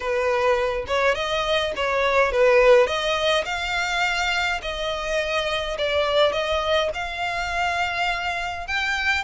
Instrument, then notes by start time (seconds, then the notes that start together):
violin
0.00 B4
0.87 C#5
1.15 D#5
1.76 C#5
2.32 B4
2.86 D#5
3.45 F5
4.62 D#5
5.77 D5
6.32 D#5
6.94 F5
8.67 G5